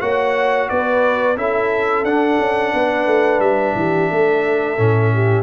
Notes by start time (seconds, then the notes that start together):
0.00 A#3 F#4 C#5 F#5
0.69 B3 B4 D5
1.37 C#4 E4 A4 E5
2.04 D4 F#5
2.39 C#4
2.74 B3 B4
3.07 A3
3.40 G3 E5
3.76 E3 G4
4.11 A3 A4
4.77 A2 C#4
5.14 G4